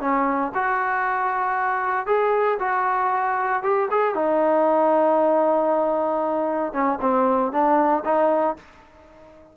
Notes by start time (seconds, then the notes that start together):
0.00 C#4
0.54 F#4
2.06 G#4
2.59 F#4
3.63 G4
3.91 G#4
4.14 D#4
6.72 C#4
7.01 C4
7.52 D4
8.04 D#4